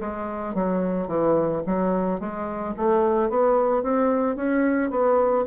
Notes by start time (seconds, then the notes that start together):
0.00 G#3
0.55 F#3
1.08 E3
1.67 F#3
2.20 G#3
2.77 A3
3.30 B3
3.83 C4
4.36 C#4
4.90 B3